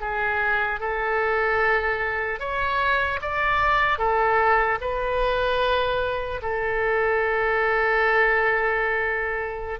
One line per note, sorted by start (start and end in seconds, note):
0.00 0.80 G#4
0.80 2.39 A4
2.39 3.19 C#5
3.21 3.98 D5
3.98 4.78 A4
4.80 6.40 B4
6.42 9.79 A4